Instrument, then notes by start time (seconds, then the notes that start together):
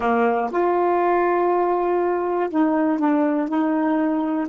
saxophone
0.00 A#3
0.51 F4
2.50 D#4
2.99 D4
3.48 D#4